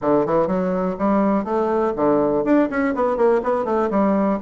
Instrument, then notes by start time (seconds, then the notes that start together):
bassoon
0.01 D3
0.26 E3
0.47 F#3
0.98 G3
1.44 A3
1.95 D3
2.44 D4
2.70 C#4
2.94 B3
3.17 A#3
3.43 B3
3.65 A3
3.90 G3